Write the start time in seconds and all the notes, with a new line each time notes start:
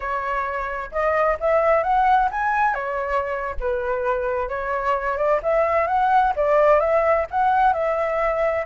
0.00 C#5
0.91 D#5
1.40 E5
1.83 F#5
2.31 G#5
2.74 C#5
3.59 B4
4.49 C#5
5.17 D5
5.43 E5
5.87 F#5
6.36 D5
6.80 E5
7.30 F#5
7.73 E5